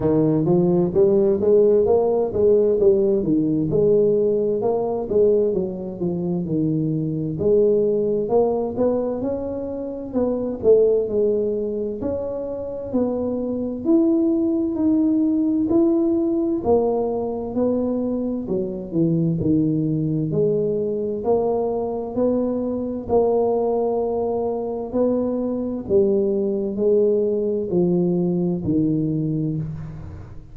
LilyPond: \new Staff \with { instrumentName = "tuba" } { \time 4/4 \tempo 4 = 65 dis8 f8 g8 gis8 ais8 gis8 g8 dis8 | gis4 ais8 gis8 fis8 f8 dis4 | gis4 ais8 b8 cis'4 b8 a8 | gis4 cis'4 b4 e'4 |
dis'4 e'4 ais4 b4 | fis8 e8 dis4 gis4 ais4 | b4 ais2 b4 | g4 gis4 f4 dis4 | }